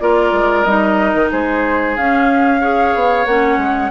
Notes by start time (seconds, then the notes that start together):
0.00 A#3 F4 A#4 D5
0.33 G#3
0.64 G3 D#4 D#5
1.14 D#3
1.32 G#3 G#4 C5
1.97 C#4 F5
2.61 G#4 C#5
2.95 B3
3.26 A#3 C#4 F#5
3.57 G#3